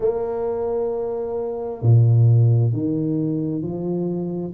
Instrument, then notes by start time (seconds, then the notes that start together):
tuba
0.00 A#3
1.81 A#2
2.73 D#3
3.62 F3